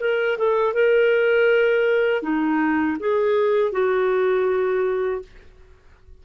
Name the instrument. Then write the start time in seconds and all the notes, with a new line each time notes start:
clarinet
0.00 A#4
0.38 A4
0.73 A#4
2.22 D#4
3.00 G#4
3.72 F#4